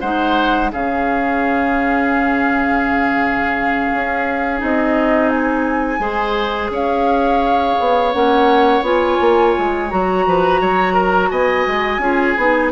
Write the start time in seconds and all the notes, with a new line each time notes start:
0.00 G#3 D#4 C5 F#5
0.72 C#3 C#4 G#4 F5
3.94 C#4
4.58 C4 D#4 D#5
5.29 G#5
5.99 G#3 G#4 C5
6.70 C#4 C#5 F5
7.79 B3
8.12 A#3 C#4 F#5
8.82 B3 F4 G#5
9.20 A#3
9.58 G#3
9.89 F#3 F#4 A#5
10.26 F3 B4
10.61 F#3 C#5
10.93 A#4
11.30 B3 D#5 G#5
11.67 G#3
11.98 C#4 F4 G#4
12.37 B3 D#4